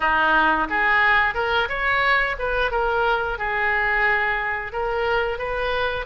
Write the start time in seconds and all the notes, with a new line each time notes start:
0.00 D#4
0.69 G#4
1.34 A#4
1.68 C#5
2.38 B4
2.71 A#4
3.38 G#4
4.72 A#4
5.38 B4